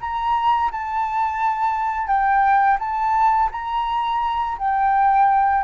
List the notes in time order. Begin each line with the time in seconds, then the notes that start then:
0.00 A#5
0.72 A5
2.07 G5
2.79 A5
3.51 A#5
4.58 G5